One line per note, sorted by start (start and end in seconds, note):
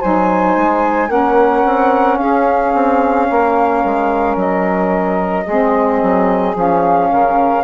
0.00 0.57 F#3
0.00 1.08 D#4
0.00 1.09 C5
0.00 1.10 G#5
0.57 1.09 G#3
1.08 1.63 A#3
1.08 5.44 C#4
1.08 2.18 A#4
1.08 2.18 F#5
1.65 2.19 C4
2.18 2.73 C#4
2.18 3.28 G#4
2.18 4.36 F5
2.74 3.29 C4
3.30 3.84 A#3
3.30 5.45 A#4
3.84 4.36 G#3
4.36 5.45 F#3
4.36 6.56 D#5
5.45 6.02 G#3
5.45 6.55 C4
5.45 7.08 G#4
6.02 6.55 F#3
6.55 7.10 F3
6.55 7.63 C#4
6.55 7.63 F5
7.11 7.63 C#3
7.11 7.63 A#4